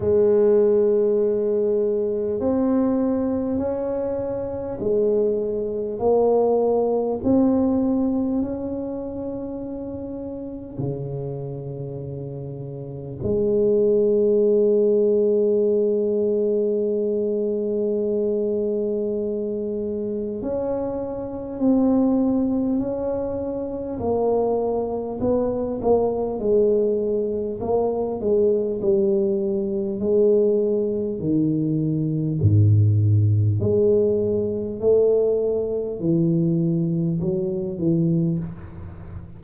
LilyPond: \new Staff \with { instrumentName = "tuba" } { \time 4/4 \tempo 4 = 50 gis2 c'4 cis'4 | gis4 ais4 c'4 cis'4~ | cis'4 cis2 gis4~ | gis1~ |
gis4 cis'4 c'4 cis'4 | ais4 b8 ais8 gis4 ais8 gis8 | g4 gis4 dis4 gis,4 | gis4 a4 e4 fis8 e8 | }